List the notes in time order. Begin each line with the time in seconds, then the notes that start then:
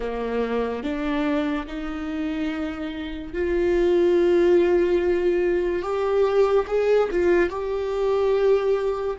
0.00 A#3
0.83 D4
1.67 D#4
3.33 F4
5.82 G4
6.67 G#4
7.11 F4
7.49 G4